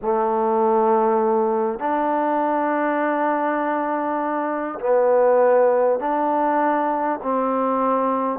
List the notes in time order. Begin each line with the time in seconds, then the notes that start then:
0.02 A3
1.79 D4
4.80 B3
5.99 D4
7.23 C4